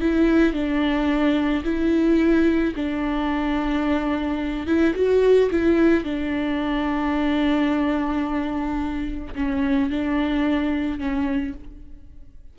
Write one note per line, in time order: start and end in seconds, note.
0.00 0.53 E4
0.53 1.63 D4
1.63 2.73 E4
2.75 4.66 D4
4.66 4.94 E4
4.94 5.49 F#4
5.50 6.04 E4
6.04 9.34 D4
9.35 9.90 C#4
9.90 10.98 D4
10.98 11.53 C#4